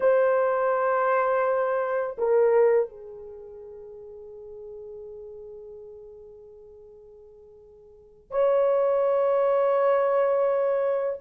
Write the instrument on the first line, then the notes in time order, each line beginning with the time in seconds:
horn
0.00 C5
2.18 A#4
2.89 G#4
8.31 C#5